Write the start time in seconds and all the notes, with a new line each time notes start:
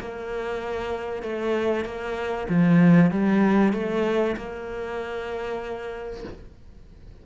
0.00 A#3
1.23 A3
1.85 A#3
2.50 F3
3.11 G3
3.74 A3
4.37 A#3